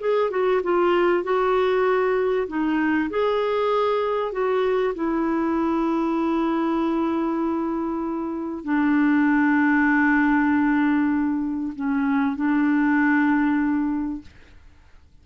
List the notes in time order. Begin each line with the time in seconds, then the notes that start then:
0.00 G#4
0.30 F#4
0.63 F4
1.23 F#4
2.48 D#4
3.10 G#4
4.32 F#4
4.95 E4
8.64 D4
11.76 C#4
12.36 D4